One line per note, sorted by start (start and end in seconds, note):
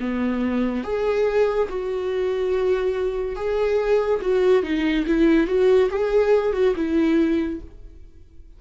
0.00 0.84 B3
0.84 1.68 G#4
1.69 3.36 F#4
3.36 4.20 G#4
4.22 4.63 F#4
4.63 5.06 D#4
5.07 5.47 E4
5.47 5.89 F#4
5.90 6.53 G#4
6.53 6.74 F#4
6.76 7.60 E4